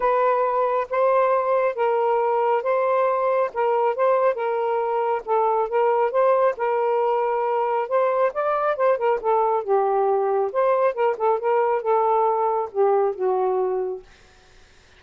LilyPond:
\new Staff \with { instrumentName = "saxophone" } { \time 4/4 \tempo 4 = 137 b'2 c''2 | ais'2 c''2 | ais'4 c''4 ais'2 | a'4 ais'4 c''4 ais'4~ |
ais'2 c''4 d''4 | c''8 ais'8 a'4 g'2 | c''4 ais'8 a'8 ais'4 a'4~ | a'4 g'4 fis'2 | }